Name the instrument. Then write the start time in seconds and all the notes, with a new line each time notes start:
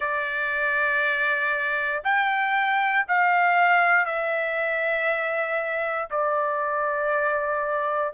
trumpet
0.00 D5
2.03 G5
3.07 F5
4.05 E5
6.10 D5